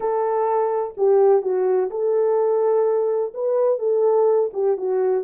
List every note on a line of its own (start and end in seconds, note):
0.00 0.94 A4
0.97 1.42 G4
1.42 1.89 F#4
1.90 3.33 A4
3.34 3.78 B4
3.78 4.50 A4
4.53 4.77 G4
4.77 5.24 F#4